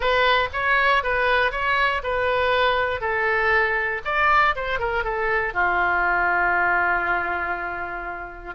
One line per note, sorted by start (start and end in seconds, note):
0.00 0.48 B4
0.52 1.03 C#5
1.03 1.51 B4
1.51 2.02 C#5
2.03 3.00 B4
3.00 4.01 A4
4.05 4.55 D5
4.55 4.79 C5
4.79 5.04 A#4
5.04 5.53 A4
5.53 8.54 F4